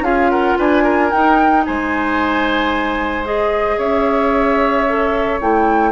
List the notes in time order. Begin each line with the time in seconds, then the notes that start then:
0.00 C#4 F4 G#4 F5
0.30 A#4 F#5
0.58 D4 B4 G#5
0.83 A#4
1.11 D#4 G5
1.65 G#3 C5 G#5
3.24 G#4 D#5
3.77 C#4 C#5 E5
4.87 A4
5.41 A3 E4 G5